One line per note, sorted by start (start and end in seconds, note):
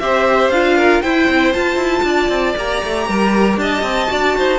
0.00 0.50 C4
0.00 0.52 G4
0.00 0.77 C5
0.00 0.50 E5
0.50 1.01 D4
0.50 1.04 F4
0.50 1.01 F5
0.77 1.01 A#4
1.01 1.29 E4
1.01 1.53 E4
1.01 2.04 C5
1.01 1.53 G5
1.29 1.55 C4
1.53 2.56 F4
1.53 1.76 F4
1.53 2.55 A5
1.76 2.02 E4
2.03 2.29 D4
2.03 3.08 D5
2.29 2.54 C4
2.56 2.82 A#3
2.56 4.07 G4
2.56 3.58 A#5
2.83 3.08 A3
3.08 3.57 G3
3.08 3.60 A#4
3.57 3.82 D4
3.57 4.11 D#5
3.57 4.59 A5
3.82 4.08 C4
4.07 4.37 D4
4.07 4.59 F#4
4.07 4.37 D5
4.37 4.59 D#4
4.37 4.59 C5